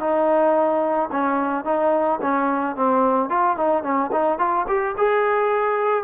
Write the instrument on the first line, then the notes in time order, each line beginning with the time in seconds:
trombone
0.00 D#4
1.12 C#4
1.65 D#4
2.22 C#4
2.76 C4
3.30 F4
3.57 D#4
3.83 C#4
4.13 D#4
4.39 F4
4.68 G4
4.98 G#4